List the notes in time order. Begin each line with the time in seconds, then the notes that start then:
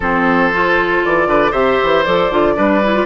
0.00 F3 C4 A4 C5
0.52 F4
1.04 E3 D5
1.26 D3 B4
1.51 C3 G4 C5 E5
1.83 E3
2.04 F3 A4 D5
2.30 D3 F4
2.55 G3 D4 B4
2.83 E4
2.93 F4